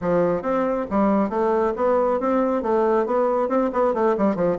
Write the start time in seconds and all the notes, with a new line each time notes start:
0.01 F3
0.42 C4
0.90 G3
1.29 A3
1.76 B3
2.20 C4
2.62 A3
3.06 B3
3.48 C4
3.72 B3
3.94 A3
4.17 G3
4.35 F3